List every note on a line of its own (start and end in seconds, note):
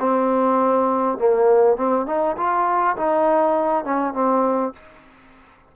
0.00 1.19 C4
1.19 1.77 A#3
1.77 2.07 C4
2.07 2.36 D#4
2.37 2.96 F4
2.97 3.85 D#4
3.85 4.14 C#4
4.14 4.73 C4